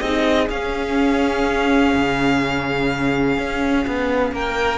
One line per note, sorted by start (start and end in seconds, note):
0.00 0.49 C4
0.00 0.49 D#4
0.00 4.34 G#4
0.00 0.48 D#5
0.49 4.79 C#4
0.49 1.93 C#4
0.49 4.34 F5
1.95 3.38 C#3
3.38 3.86 C#4
3.87 4.32 B3
4.32 4.79 A#3
4.32 4.79 A#4
4.32 4.79 G5